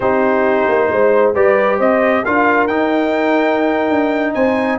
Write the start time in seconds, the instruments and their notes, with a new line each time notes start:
0.00 tuba C4, trombone D#4, horn G4, trumpet C5
0.68 tuba A#3
0.91 tuba G#3, horn C5
1.33 tuba G3, trombone G4, horn B4, trumpet D5
1.78 tuba C4, horn C5, trumpet D#5
2.24 tuba D4, trombone F4, horn A#4, trumpet F5
2.67 tuba D#4, trombone D#4, trumpet G5
3.89 tuba D4
4.34 tuba C4, horn C5, trumpet G#5